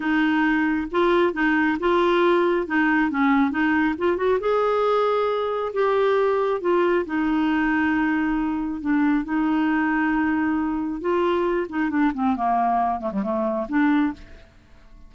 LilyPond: \new Staff \with { instrumentName = "clarinet" } { \time 4/4 \tempo 4 = 136 dis'2 f'4 dis'4 | f'2 dis'4 cis'4 | dis'4 f'8 fis'8 gis'2~ | gis'4 g'2 f'4 |
dis'1 | d'4 dis'2.~ | dis'4 f'4. dis'8 d'8 c'8 | ais4. a16 g16 a4 d'4 | }